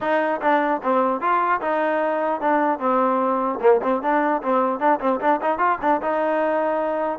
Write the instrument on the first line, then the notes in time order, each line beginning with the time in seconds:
trombone
0.00 D#4
0.41 D4
0.83 C4
1.20 F4
1.61 D#4
2.40 D4
2.79 C4
3.60 A#3
3.82 C4
4.01 D4
4.42 C4
4.79 D4
5.00 C4
5.20 D4
5.41 D#4
5.58 F4
5.81 D4
6.01 D#4